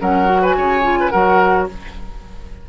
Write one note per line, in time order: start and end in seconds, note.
0.00 0.56 F#3
0.00 0.25 C#4
0.00 0.41 A#4
0.00 0.43 F#5
0.25 0.81 F#4
0.41 0.55 B4
0.41 1.10 G#5
0.56 1.12 C#3
0.56 0.99 C#5
0.82 1.10 F4
1.00 1.11 B4
1.10 1.69 F#3
1.10 1.68 F#4
1.10 1.67 A#4
1.10 1.66 F#5